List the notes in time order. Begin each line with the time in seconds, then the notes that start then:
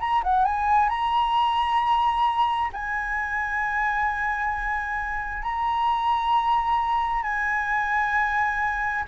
0.00 A#5
0.24 F#5
0.45 G#5
0.89 A#5
2.73 G#5
5.43 A#5
7.23 G#5